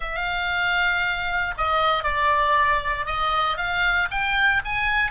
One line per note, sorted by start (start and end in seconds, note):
0.00 1.54 F5
1.57 2.03 D#5
2.03 3.06 D5
3.06 3.57 D#5
3.57 4.08 F5
4.10 4.62 G5
4.64 5.10 G#5